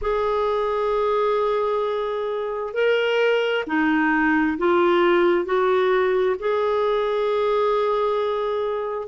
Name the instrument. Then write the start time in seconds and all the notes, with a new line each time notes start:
clarinet
0.01 G#4
2.73 A#4
3.67 D#4
4.58 F4
5.45 F#4
6.39 G#4